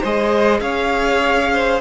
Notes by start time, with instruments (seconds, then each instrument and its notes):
0.00 cello G#3, viola G#4, violin C5 D#5
0.60 cello C#4, violin C#5 F5
1.52 violin C5